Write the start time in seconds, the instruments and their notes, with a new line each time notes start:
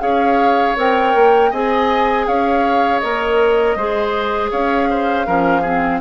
0.00 bassoon C#4, clarinet G#4, oboe C#5, flute F5
0.77 bassoon C4, clarinet A#4, flute G5
1.15 bassoon A#3
1.51 bassoon C4, clarinet G#4, oboe D#5, flute G#5
2.28 bassoon C#4, oboe C#5, flute F5
3.00 bassoon A#3, clarinet A#4, flute D#5
3.76 bassoon G#3, clarinet G#4, oboe C5
4.51 bassoon C#4, oboe C#5, flute F5
4.90 oboe C5
5.26 bassoon F3, clarinet C#4, oboe A#4
5.62 clarinet C4, oboe G#4